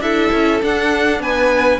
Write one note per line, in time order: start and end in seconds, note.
0.00 0.30 D4
0.00 0.61 E4
0.00 1.21 A4
0.00 0.61 E5
0.32 0.62 C#4
0.61 1.79 D4
0.61 1.19 D4
0.61 1.22 F#5
1.19 1.78 B3
1.19 1.79 B4
1.19 1.79 G#5